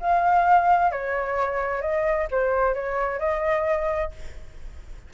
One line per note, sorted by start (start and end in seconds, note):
0.00 0.91 F5
0.91 1.81 C#5
1.81 2.27 D#5
2.31 2.74 C5
2.74 3.19 C#5
3.19 4.11 D#5